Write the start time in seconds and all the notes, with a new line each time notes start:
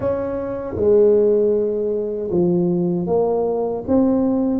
0.00 C#4
0.76 G#3
2.30 F3
3.06 A#3
3.87 C4